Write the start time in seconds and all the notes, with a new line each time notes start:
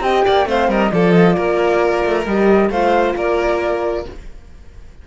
0.00 C4 G4 D#5 G5
0.25 A#3 D5
0.45 A3 C4 C5 F5
0.68 G3 A#4 D#5
0.91 F3 F4 A4 D5
1.11 D#5
1.32 A#3 A#4 D5
2.04 A3
2.25 G3 G4 D#5
2.69 A3 F4 C5 F5
3.15 A#3 A#4 D5